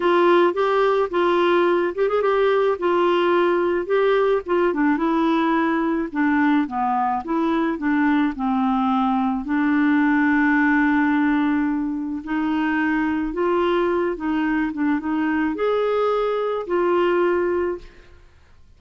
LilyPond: \new Staff \with { instrumentName = "clarinet" } { \time 4/4 \tempo 4 = 108 f'4 g'4 f'4. g'16 gis'16 | g'4 f'2 g'4 | f'8 d'8 e'2 d'4 | b4 e'4 d'4 c'4~ |
c'4 d'2.~ | d'2 dis'2 | f'4. dis'4 d'8 dis'4 | gis'2 f'2 | }